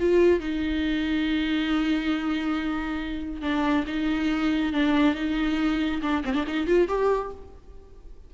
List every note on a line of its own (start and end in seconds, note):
0.00 0.40 F4
0.40 3.42 D#4
3.42 3.85 D4
3.87 4.73 D#4
4.73 5.15 D4
5.15 6.01 D#4
6.03 6.24 D4
6.25 6.34 C4
6.34 6.45 D4
6.48 6.67 D#4
6.67 6.88 F4
6.88 7.31 G4